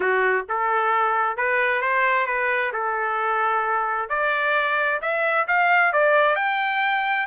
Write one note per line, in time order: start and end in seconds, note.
0.00 0.45 F#4
0.49 1.37 A4
1.37 1.81 B4
1.81 2.26 C5
2.26 2.71 B4
2.73 4.09 A4
4.09 5.00 D5
5.01 5.46 E5
5.47 5.92 F5
5.92 6.35 D5
6.35 7.26 G5